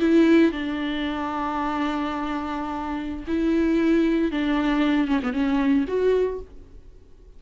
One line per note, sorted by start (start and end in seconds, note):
0.00 0.52 E4
0.52 3.26 D4
3.28 4.32 E4
4.32 5.08 D4
5.08 5.21 C#4
5.23 5.33 B3
5.33 5.85 C#4
5.88 6.40 F#4